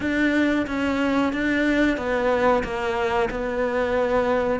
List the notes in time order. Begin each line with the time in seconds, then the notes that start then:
0.00 D4
0.67 C#4
1.32 D4
1.97 B3
2.63 A#3
3.30 B3